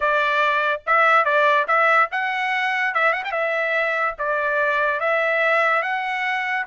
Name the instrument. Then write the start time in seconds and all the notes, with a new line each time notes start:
trumpet
0.00 D5
0.86 E5
1.24 D5
1.67 E5
2.11 F#5
2.94 E5
3.12 F#5
3.24 G5
3.31 E5
4.18 D5
5.00 E5
5.82 F#5